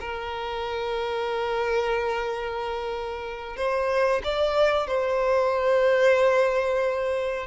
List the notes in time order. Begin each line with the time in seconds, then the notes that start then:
0.00 A#4
3.56 C5
4.24 D5
4.87 C5